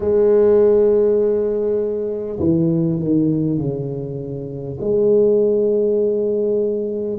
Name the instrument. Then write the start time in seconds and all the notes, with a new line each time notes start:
tuba
0.00 G#3
2.39 E3
2.99 D#3
3.58 C#3
4.80 G#3